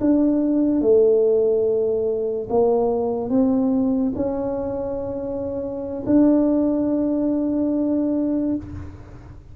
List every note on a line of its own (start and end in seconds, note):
0.00 0.81 D4
0.81 2.47 A3
2.49 3.29 A#3
3.29 4.12 C4
4.15 6.03 C#4
6.05 8.55 D4